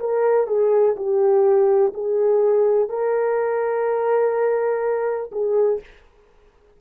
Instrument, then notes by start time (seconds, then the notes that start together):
horn
0.00 A#4
0.47 G#4
0.96 G4
1.94 G#4
2.89 A#4
5.32 G#4